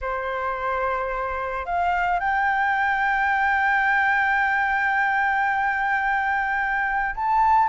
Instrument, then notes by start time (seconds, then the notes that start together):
flute
0.01 C5
1.65 F5
2.19 G5
7.15 A5